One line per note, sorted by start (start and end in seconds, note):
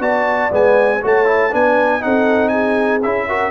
0.00 0.50 B3
0.00 0.51 F#4
0.00 1.01 D5
0.00 0.53 A5
0.51 1.02 G#3
0.51 1.01 B3
0.51 1.04 G#5
1.02 1.54 A3
1.02 1.25 F#4
1.02 1.52 C#5
1.02 1.55 A5
1.25 1.50 E4
1.51 2.04 B3
1.51 2.01 D4
1.51 2.02 B4
1.51 2.03 G#5
2.01 3.05 C4
2.01 3.01 D#4
2.01 2.51 A4
2.01 2.49 F#5
2.49 3.26 G#4
2.49 2.99 G#5
3.03 3.51 C#4
3.03 3.29 E4
3.03 3.51 E5
3.28 3.51 F#4
3.28 3.51 A#4